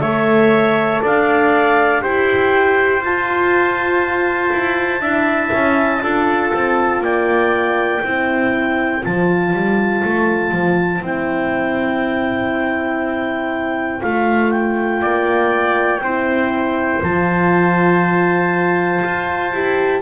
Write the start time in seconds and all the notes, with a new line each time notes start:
0.00 A3 A4 C#5 E5
1.02 D4 D5 F5
2.01 E4 G4 C5 G5
3.01 F4 A5
4.52 E4
5.00 D4 E4 E5
5.53 C#4
6.02 D4 F4 A4
6.54 C4
7.00 A#3 D5 G5
8.04 C4 E4 C5
9.03 F3 F4 A5
9.53 G3
10.04 A3
10.52 F3
11.01 C4 E4 G5
14.01 A3 F4 F5
14.51 G5
15.01 A#3 D5
16.01 C4 E4 C5
17.03 F3 F4 A5
19.04 F4
19.52 E4 G4